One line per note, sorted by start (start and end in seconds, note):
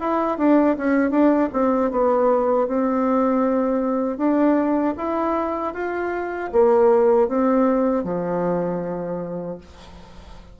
0.00 0.38 E4
0.38 0.77 D4
0.78 1.11 C#4
1.11 1.49 D4
1.53 1.91 C4
1.91 2.68 B3
2.68 4.17 C4
4.17 4.94 D4
4.97 5.74 E4
5.74 6.51 F4
6.52 7.28 A#3
7.28 8.04 C4
8.04 9.58 F3